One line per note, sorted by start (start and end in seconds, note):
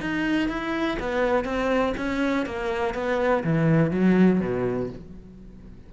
0.00 0.49 D#4
0.49 0.98 E4
0.99 1.45 B3
1.45 1.94 C4
1.97 2.46 C#4
2.46 2.94 A#3
2.94 3.43 B3
3.44 3.91 E3
3.91 4.40 F#3
4.40 4.90 B2